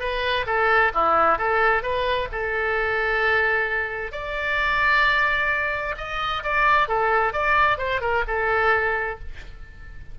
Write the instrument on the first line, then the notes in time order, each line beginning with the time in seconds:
oboe
0.00 B4
0.46 A4
0.95 E4
1.38 A4
1.83 B4
2.32 A4
4.12 D5
5.98 D#5
6.44 D5
6.88 A4
7.33 D5
7.78 C5
8.01 A#4
8.28 A4